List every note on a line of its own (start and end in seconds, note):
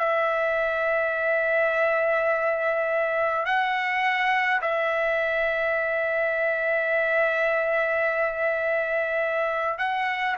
0.00 3.46 E5
3.46 4.62 F#5
4.62 9.79 E5
9.79 10.36 F#5